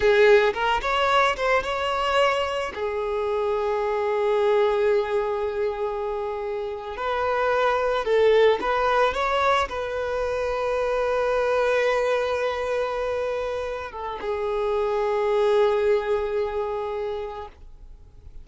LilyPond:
\new Staff \with { instrumentName = "violin" } { \time 4/4 \tempo 4 = 110 gis'4 ais'8 cis''4 c''8 cis''4~ | cis''4 gis'2.~ | gis'1~ | gis'8. b'2 a'4 b'16~ |
b'8. cis''4 b'2~ b'16~ | b'1~ | b'4. a'8 gis'2~ | gis'1 | }